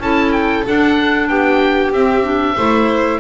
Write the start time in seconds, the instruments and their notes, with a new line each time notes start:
0.00 double bass C#4, clarinet E4, violin A4, oboe A5
0.32 oboe G5
0.67 clarinet D4, double bass D4, oboe F#5
1.28 double bass B3, violin G4, oboe G5
1.92 double bass C4, clarinet C4, oboe E5
2.23 clarinet D4
2.55 double bass A3, clarinet E4, violin C5